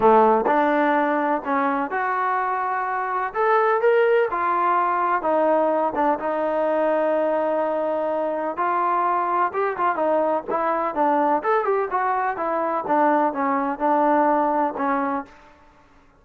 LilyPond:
\new Staff \with { instrumentName = "trombone" } { \time 4/4 \tempo 4 = 126 a4 d'2 cis'4 | fis'2. a'4 | ais'4 f'2 dis'4~ | dis'8 d'8 dis'2.~ |
dis'2 f'2 | g'8 f'8 dis'4 e'4 d'4 | a'8 g'8 fis'4 e'4 d'4 | cis'4 d'2 cis'4 | }